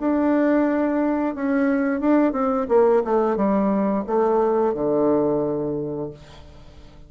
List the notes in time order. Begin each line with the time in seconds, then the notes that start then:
0.00 D4
1.35 C#4
2.01 D4
2.32 C4
2.69 A#3
3.04 A3
3.36 G3
4.07 A3
4.74 D3